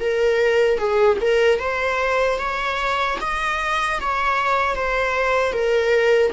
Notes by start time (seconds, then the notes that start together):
0.00 A#4
0.78 G#4
1.21 A#4
1.60 C5
2.39 C#5
3.21 D#5
4.00 C#5
4.76 C5
5.53 A#4